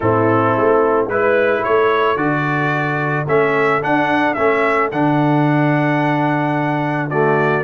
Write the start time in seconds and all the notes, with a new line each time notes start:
0.00 A2 C4 E4 A4
0.56 A3
1.06 G#3 E4 B4
1.63 A3 A4 C#5
2.15 D3 F#4 D5
3.27 A3 C#4 E5
3.81 D4 F#5
4.34 A3 C#4 E5
4.91 D3 D4 F#5
7.09 A3 F#4 D5